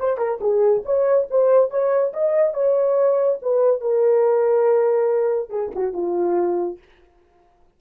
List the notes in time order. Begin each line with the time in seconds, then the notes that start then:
0.00 C5
0.18 A#4
0.41 G#4
0.85 C#5
1.31 C5
1.71 C#5
2.13 D#5
2.54 C#5
3.42 B4
3.81 A#4
5.50 G#4
5.75 F#4
5.93 F4